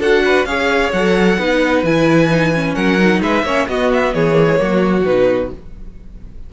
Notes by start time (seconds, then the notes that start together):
0.00 D4 F#4 A4 F#5
0.25 B4
0.46 C#4 G#4 C#5 F5
0.93 F#3 A4 F#5
1.38 B3 D#4 B4
1.83 E3 E4 G#5
2.30 D#4
2.54 C#4
2.75 F#3 A#4 F#5
2.99 D#4
3.21 G#3 B4 E5
3.43 A#3 C#4 C#5
3.68 B3 F#4 D#5
3.93 E5
4.14 E3 G#4 C#5
4.33 A#3
4.48 G#3
4.56 F#3 A#3 F#4
5.04 B2 D#4 B4